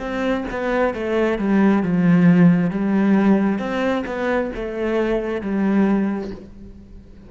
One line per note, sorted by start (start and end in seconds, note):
0.00 0.45 C4
0.51 0.94 B3
0.94 1.39 A3
1.39 1.83 G3
1.83 2.71 F3
2.71 3.59 G3
3.59 4.04 C4
4.07 4.51 B3
4.56 5.42 A3
5.42 6.31 G3